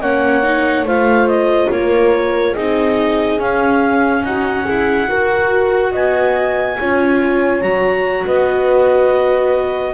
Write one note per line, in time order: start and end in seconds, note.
0.00 0.82 A#3
0.00 0.43 C#4
0.00 0.86 C#5
0.00 0.85 F#5
0.43 0.85 D#4
0.82 1.67 A3
0.82 2.55 F4
0.82 1.70 C5
0.82 1.27 F5
1.27 1.70 D#5
1.70 2.55 A#3
1.70 2.53 A#4
1.70 2.55 C#5
2.53 3.38 C4
2.53 3.38 D#4
2.53 4.22 G#4
2.53 3.39 D#5
3.38 4.22 C#4
3.38 5.06 C#4
3.38 4.23 F5
4.23 4.65 D#4
4.23 4.65 F#4
4.23 5.92 F#5
4.65 5.10 E4
4.65 5.07 G#4
5.06 6.75 F#4
5.06 5.93 F#4
5.06 5.91 A#4
5.91 6.77 B3
5.91 6.76 D#5
5.91 7.61 G#5
6.79 7.61 C#4
6.79 7.62 F4
6.79 8.25 C#5
7.61 8.24 F#3
7.61 9.94 F#4
7.61 8.24 A#5
8.25 9.94 B3
8.25 9.94 B4
8.25 9.94 D#5